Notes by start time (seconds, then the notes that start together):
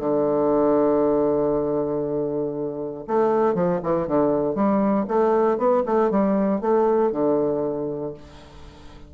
0.00 D3
3.08 A3
3.55 F3
3.83 E3
4.08 D3
4.55 G3
5.08 A3
5.58 B3
5.86 A3
6.11 G3
6.61 A3
7.12 D3